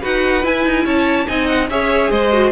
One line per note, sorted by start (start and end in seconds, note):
0.00 0.45 D#4
0.00 0.43 F#4
0.00 0.83 B4
0.00 0.45 F#5
0.43 1.26 E4
0.43 0.65 E4
0.43 0.86 G#5
0.65 0.85 D#4
0.85 1.26 C#4
0.85 1.27 C#5
0.85 1.28 A5
1.27 1.70 C4
1.27 1.68 D#4
1.27 1.69 D#5
1.27 1.47 G#5
1.47 1.68 F#5
1.70 2.11 C#4
1.70 2.32 G#4
1.70 2.11 C#5
1.70 2.11 E5
2.11 2.51 G#3
2.11 2.51 C5
2.11 2.51 D#5
2.32 2.51 F#4